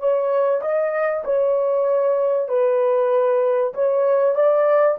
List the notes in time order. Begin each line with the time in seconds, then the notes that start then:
0.00 C#5
0.62 D#5
1.25 C#5
2.49 B4
3.74 C#5
4.36 D5